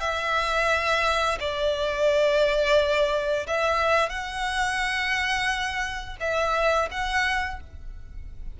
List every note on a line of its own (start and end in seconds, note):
0.00 1.38 E5
1.39 3.46 D5
3.46 4.09 E5
4.09 6.16 F#5
6.20 6.89 E5
6.91 7.60 F#5